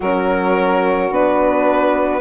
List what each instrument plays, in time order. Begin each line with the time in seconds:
0.00 bassoon F#3, horn C#4, saxophone F#4, violin A#4
1.10 bassoon B3, horn D4, violin B4